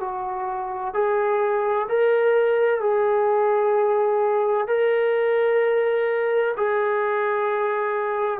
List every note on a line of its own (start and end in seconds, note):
0.00 0.94 F#4
0.94 1.87 G#4
1.88 2.80 A#4
2.80 4.67 G#4
4.67 6.55 A#4
6.57 8.40 G#4